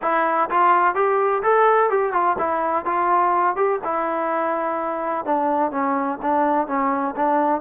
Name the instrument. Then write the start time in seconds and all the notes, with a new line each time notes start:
trombone
0.02 E4
0.50 F4
0.94 G4
1.42 A4
1.90 G4
2.12 F4
2.38 E4
2.85 F4
3.55 G4
3.84 E4
5.25 D4
5.71 C#4
6.22 D4
6.67 C#4
7.16 D4